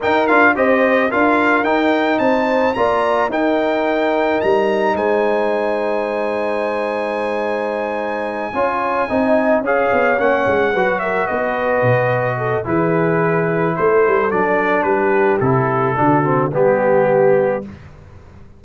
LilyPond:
<<
  \new Staff \with { instrumentName = "trumpet" } { \time 4/4 \tempo 4 = 109 g''8 f''8 dis''4 f''4 g''4 | a''4 ais''4 g''2 | ais''4 gis''2.~ | gis''1~ |
gis''4. f''4 fis''4. | e''8 dis''2~ dis''8 b'4~ | b'4 c''4 d''4 b'4 | a'2 g'2 | }
  \new Staff \with { instrumentName = "horn" } { \time 4/4 ais'4 c''4 ais'2 | c''4 d''4 ais'2~ | ais'4 c''2.~ | c''2.~ c''8 cis''8~ |
cis''8 dis''4 cis''2 b'8 | ais'8 b'2 a'8 gis'4~ | gis'4 a'2 g'4~ | g'4 fis'4 g'2 | }
  \new Staff \with { instrumentName = "trombone" } { \time 4/4 dis'8 f'8 g'4 f'4 dis'4~ | dis'4 f'4 dis'2~ | dis'1~ | dis'2.~ dis'8 f'8~ |
f'8 dis'4 gis'4 cis'4 fis'8~ | fis'2. e'4~ | e'2 d'2 | e'4 d'8 c'8 b2 | }
  \new Staff \with { instrumentName = "tuba" } { \time 4/4 dis'8 d'8 c'4 d'4 dis'4 | c'4 ais4 dis'2 | g4 gis2.~ | gis2.~ gis8 cis'8~ |
cis'8 c'4 cis'8 b8 ais8 gis8 fis8~ | fis8 b4 b,4. e4~ | e4 a8 g8 fis4 g4 | c4 d4 g2 | }
>>